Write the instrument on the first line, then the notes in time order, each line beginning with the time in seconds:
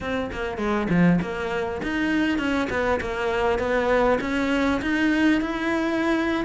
cello
0.00 C4
0.32 A#3
0.57 G#3
0.89 F3
1.21 A#3
1.82 D#4
2.38 C#4
2.70 B3
3.00 A#3
3.58 B3
4.21 C#4
4.81 D#4
5.41 E4